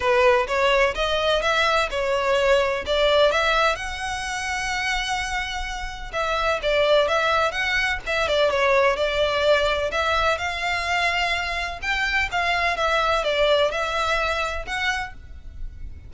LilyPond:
\new Staff \with { instrumentName = "violin" } { \time 4/4 \tempo 4 = 127 b'4 cis''4 dis''4 e''4 | cis''2 d''4 e''4 | fis''1~ | fis''4 e''4 d''4 e''4 |
fis''4 e''8 d''8 cis''4 d''4~ | d''4 e''4 f''2~ | f''4 g''4 f''4 e''4 | d''4 e''2 fis''4 | }